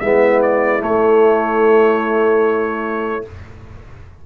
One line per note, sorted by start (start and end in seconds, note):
0.00 0.82 G#3
0.00 0.79 B3
0.00 3.26 E4
0.00 0.41 E5
0.42 0.82 D5
0.79 3.22 A3
0.79 3.26 A3
0.79 3.26 C#5